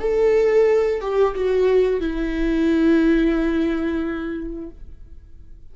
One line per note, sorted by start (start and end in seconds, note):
0.00 1.01 A4
1.01 1.35 G4
1.35 2.01 F#4
2.01 4.71 E4